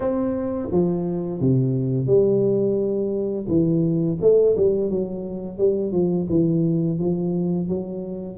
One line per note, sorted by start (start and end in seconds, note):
0.00 0.68 C4
0.71 1.40 F3
1.40 2.06 C3
2.06 3.46 G3
3.48 4.17 E3
4.21 4.55 A3
4.57 4.90 G3
4.90 5.58 F#3
5.58 5.91 G3
5.91 6.26 F3
6.29 6.98 E3
6.98 7.68 F3
7.68 8.37 F#3